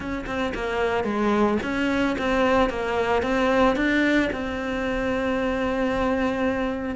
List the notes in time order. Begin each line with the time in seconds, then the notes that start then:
0.00 C#4
0.26 C4
0.54 A#3
1.04 G#3
1.62 C#4
2.18 C4
2.69 A#3
3.22 C4
3.75 D4
4.32 C4